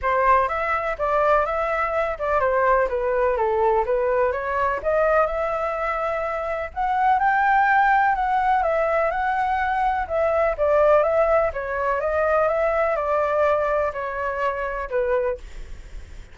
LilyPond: \new Staff \with { instrumentName = "flute" } { \time 4/4 \tempo 4 = 125 c''4 e''4 d''4 e''4~ | e''8 d''8 c''4 b'4 a'4 | b'4 cis''4 dis''4 e''4~ | e''2 fis''4 g''4~ |
g''4 fis''4 e''4 fis''4~ | fis''4 e''4 d''4 e''4 | cis''4 dis''4 e''4 d''4~ | d''4 cis''2 b'4 | }